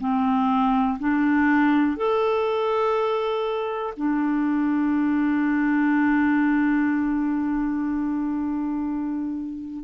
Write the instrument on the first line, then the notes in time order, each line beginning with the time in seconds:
clarinet
0.00 C4
0.99 D4
1.97 A4
3.97 D4